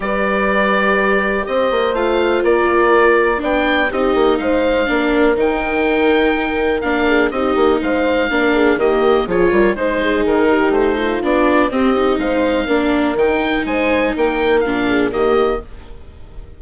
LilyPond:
<<
  \new Staff \with { instrumentName = "oboe" } { \time 4/4 \tempo 4 = 123 d''2. dis''4 | f''4 d''2 g''4 | dis''4 f''2 g''4~ | g''2 f''4 dis''4 |
f''2 dis''4 cis''4 | c''4 ais'4 c''4 d''4 | dis''4 f''2 g''4 | gis''4 g''4 f''4 dis''4 | }
  \new Staff \with { instrumentName = "horn" } { \time 4/4 b'2. c''4~ | c''4 ais'2 d''4 | g'4 c''4 ais'2~ | ais'2~ ais'8 gis'8 g'4 |
c''4 ais'8 gis'8 g'4 gis'8 ais'8 | c''8 gis'4 g'4 f'4. | g'4 c''4 ais'2 | c''4 ais'4. gis'8 g'4 | }
  \new Staff \with { instrumentName = "viola" } { \time 4/4 g'1 | f'2. d'4 | dis'2 d'4 dis'4~ | dis'2 d'4 dis'4~ |
dis'4 d'4 ais4 f'4 | dis'2. d'4 | c'8 dis'4. d'4 dis'4~ | dis'2 d'4 ais4 | }
  \new Staff \with { instrumentName = "bassoon" } { \time 4/4 g2. c'8 ais8 | a4 ais2 b4 | c'8 ais8 gis4 ais4 dis4~ | dis2 ais4 c'8 ais8 |
gis4 ais4 dis4 f8 g8 | gis4 dis4 a4 b4 | c'4 gis4 ais4 dis4 | gis4 ais4 ais,4 dis4 | }
>>